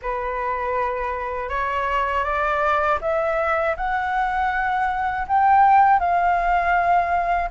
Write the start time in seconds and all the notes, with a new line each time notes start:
0.02 B4
1.49 C#5
2.24 D5
3.01 E5
3.77 F#5
5.27 G5
5.99 F5